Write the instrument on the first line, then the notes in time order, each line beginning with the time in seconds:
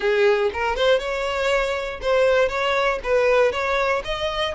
violin
0.00 G#4
0.53 A#4
0.75 C5
0.99 C#5
2.01 C5
2.48 C#5
3.03 B4
3.52 C#5
4.04 D#5